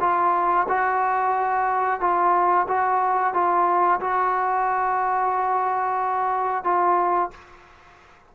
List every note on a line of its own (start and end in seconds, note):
0.00 0.67 F4
0.68 2.00 F#4
2.00 2.67 F4
2.68 3.33 F#4
3.33 4.00 F4
4.00 6.64 F#4
6.64 7.31 F4